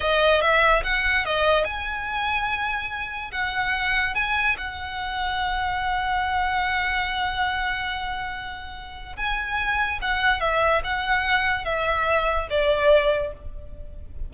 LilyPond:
\new Staff \with { instrumentName = "violin" } { \time 4/4 \tempo 4 = 144 dis''4 e''4 fis''4 dis''4 | gis''1 | fis''2 gis''4 fis''4~ | fis''1~ |
fis''1~ | fis''2 gis''2 | fis''4 e''4 fis''2 | e''2 d''2 | }